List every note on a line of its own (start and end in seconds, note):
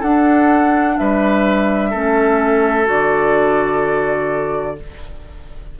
0.00 0.98 D4
0.00 1.94 D4
0.00 0.95 A4
0.00 0.98 F#5
0.98 1.95 G3
0.98 1.91 B4
0.98 2.88 E5
1.91 2.88 A3
1.91 2.85 C#4
1.91 4.77 A4
2.85 4.79 D3
2.85 4.76 F#4
2.85 4.80 D5